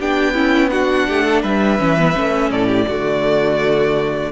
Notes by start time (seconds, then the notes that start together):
0.00 B3 D4 G4 G5
0.34 C#4 E4
0.70 D4 F#4 F#5
1.08 A3 G4
1.26 A4
1.42 G3 B4 E5
1.79 E3 C#4
1.99 B3
2.14 A3 C#4
2.51 A2 A4 D5
2.67 G4
2.87 D3 A3 F#4